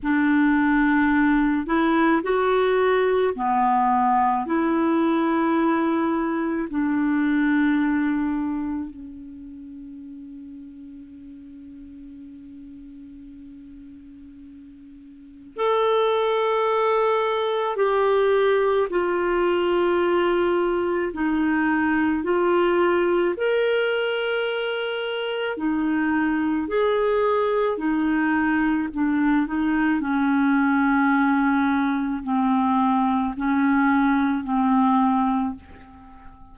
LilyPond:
\new Staff \with { instrumentName = "clarinet" } { \time 4/4 \tempo 4 = 54 d'4. e'8 fis'4 b4 | e'2 d'2 | cis'1~ | cis'2 a'2 |
g'4 f'2 dis'4 | f'4 ais'2 dis'4 | gis'4 dis'4 d'8 dis'8 cis'4~ | cis'4 c'4 cis'4 c'4 | }